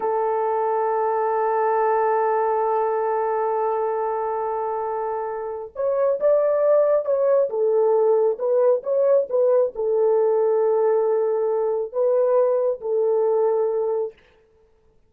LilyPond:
\new Staff \with { instrumentName = "horn" } { \time 4/4 \tempo 4 = 136 a'1~ | a'1~ | a'1~ | a'4 cis''4 d''2 |
cis''4 a'2 b'4 | cis''4 b'4 a'2~ | a'2. b'4~ | b'4 a'2. | }